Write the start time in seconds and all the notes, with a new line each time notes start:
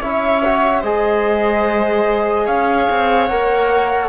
0.00 C#4 E4 C#5 E5
0.45 F#4
0.81 G#3 G#4 C5 D#5
2.46 C#4 C#5 F5
2.90 C4
3.27 A#3 A#4 F#5